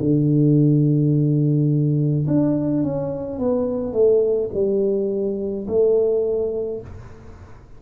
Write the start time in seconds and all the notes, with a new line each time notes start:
0.00 D3
2.27 D4
2.83 C#4
3.39 B3
3.93 A3
4.54 G3
5.68 A3